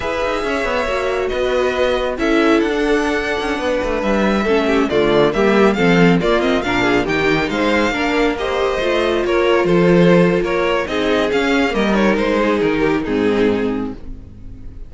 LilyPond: <<
  \new Staff \with { instrumentName = "violin" } { \time 4/4 \tempo 4 = 138 e''2. dis''4~ | dis''4 e''4 fis''2~ | fis''4~ fis''16 e''2 d''8.~ | d''16 e''4 f''4 d''8 dis''8 f''8.~ |
f''16 g''4 f''2 dis''8.~ | dis''4~ dis''16 cis''4 c''4.~ c''16 | cis''4 dis''4 f''4 dis''8 cis''8 | c''4 ais'4 gis'2 | }
  \new Staff \with { instrumentName = "violin" } { \time 4/4 b'4 cis''2 b'4~ | b'4 a'2.~ | a'16 b'2 a'8 g'8 f'8.~ | f'16 g'4 a'4 f'4 ais'8 gis'16~ |
gis'16 g'4 c''4 ais'4 c''8.~ | c''4~ c''16 ais'4 a'4.~ a'16 | ais'4 gis'2 ais'4~ | ais'8 gis'4 g'8 dis'2 | }
  \new Staff \with { instrumentName = "viola" } { \time 4/4 gis'2 fis'2~ | fis'4 e'4~ e'16 d'4.~ d'16~ | d'2~ d'16 cis'4 a8.~ | a16 ais4 c'4 ais8 c'8 d'8.~ |
d'16 dis'2 d'4 g'8.~ | g'16 f'2.~ f'8.~ | f'4 dis'4 cis'4 ais8 dis'8~ | dis'2 c'2 | }
  \new Staff \with { instrumentName = "cello" } { \time 4/4 e'8 dis'8 cis'8 b8 ais4 b4~ | b4 cis'4 d'4.~ d'16 cis'16~ | cis'16 b8 a8 g4 a4 d8.~ | d16 g4 f4 ais4 ais,8.~ |
ais,16 dis4 gis4 ais4.~ ais16~ | ais16 a4 ais4 f4.~ f16 | ais4 c'4 cis'4 g4 | gis4 dis4 gis,2 | }
>>